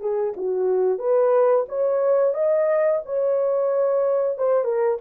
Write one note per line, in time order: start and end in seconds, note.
0.00 0.33 G#4
0.37 0.99 F#4
0.99 1.65 B4
1.69 2.34 C#5
2.34 3.01 D#5
3.05 4.38 C#5
4.38 4.65 C5
4.65 4.98 A#4